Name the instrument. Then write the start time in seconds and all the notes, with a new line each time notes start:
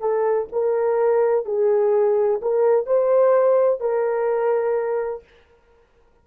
horn
0.00 A4
0.52 A#4
1.45 G#4
2.42 A#4
2.86 C5
3.80 A#4